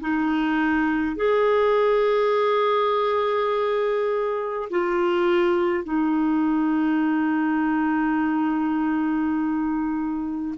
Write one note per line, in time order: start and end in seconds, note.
0.00 1.16 D#4
1.16 4.69 G#4
4.70 5.84 F4
5.84 10.55 D#4